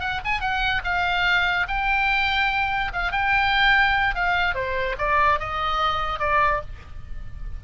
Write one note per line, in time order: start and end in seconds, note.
0.00 0.21 F#5
0.25 0.40 G#5
0.40 0.82 F#5
0.84 1.67 F5
1.68 2.92 G5
2.93 3.12 F5
3.12 4.15 G5
4.15 4.55 F5
4.55 4.96 C5
4.98 5.39 D5
5.39 6.20 D#5
6.20 6.61 D5